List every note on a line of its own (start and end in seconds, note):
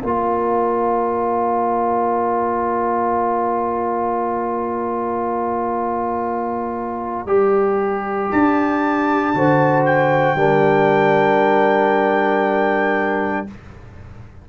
0.00 7.26 A#3
0.00 7.27 F4
0.00 9.31 D5
0.00 8.30 A#5
7.26 8.29 G3
7.26 9.34 G4
8.31 9.34 D4
8.31 9.85 A5
9.34 10.35 D3
9.34 10.37 F#4
9.34 10.38 C5
9.85 13.47 G5
10.35 13.45 G3
10.35 13.47 D4
10.35 13.49 A#4